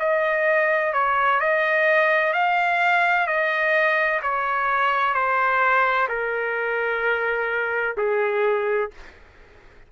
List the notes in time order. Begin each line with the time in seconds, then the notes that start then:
0.00 D#5
0.93 C#5
1.40 D#5
2.34 F5
3.27 D#5
4.22 C#5
5.14 C5
6.09 A#4
7.97 G#4